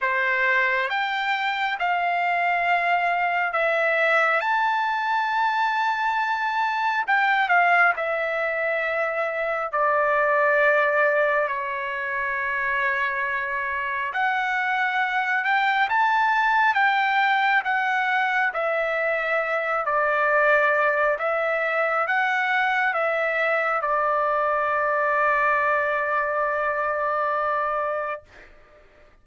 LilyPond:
\new Staff \with { instrumentName = "trumpet" } { \time 4/4 \tempo 4 = 68 c''4 g''4 f''2 | e''4 a''2. | g''8 f''8 e''2 d''4~ | d''4 cis''2. |
fis''4. g''8 a''4 g''4 | fis''4 e''4. d''4. | e''4 fis''4 e''4 d''4~ | d''1 | }